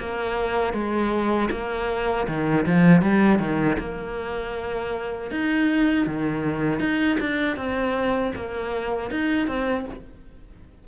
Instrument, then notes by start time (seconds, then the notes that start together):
cello
0.00 A#3
0.74 G#3
1.52 A#3
2.28 D#3
2.67 F3
3.02 G3
3.40 D#3
3.79 A#3
5.32 D#4
6.07 D#3
6.80 D#4
7.20 D4
7.57 C4
8.36 A#3
9.11 D#4
9.48 C4